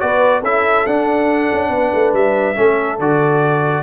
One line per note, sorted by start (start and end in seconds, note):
0.00 0.43 B3
0.00 0.43 F#4
0.00 0.41 B4
0.00 0.43 D5
0.41 0.85 C#4
0.41 0.88 E4
0.41 1.69 A4
0.41 0.87 E5
0.86 1.50 D4
0.86 2.56 D4
0.86 2.14 F#5
1.53 1.70 C#4
1.70 1.91 B3
1.70 2.58 B4
1.94 2.14 A3
2.14 2.56 G3
2.14 3.00 E5
2.56 3.00 A3
2.56 2.98 C#4
2.56 3.84 A4
3.00 3.84 D3
3.00 3.84 F#4
3.00 3.84 D5